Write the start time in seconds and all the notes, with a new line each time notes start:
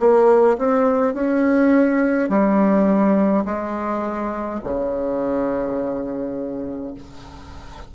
0.00 A#3
0.58 C4
1.14 C#4
2.29 G3
3.45 G#3
4.64 C#3